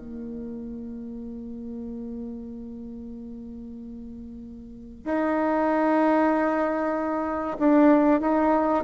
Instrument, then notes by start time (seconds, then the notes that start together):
bassoon
0.00 A#3
5.05 D#4
7.59 D4
8.21 D#4